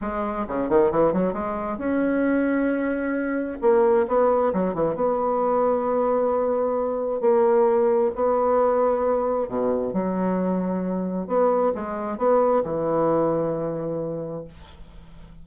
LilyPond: \new Staff \with { instrumentName = "bassoon" } { \time 4/4 \tempo 4 = 133 gis4 cis8 dis8 e8 fis8 gis4 | cis'1 | ais4 b4 fis8 e8 b4~ | b1 |
ais2 b2~ | b4 b,4 fis2~ | fis4 b4 gis4 b4 | e1 | }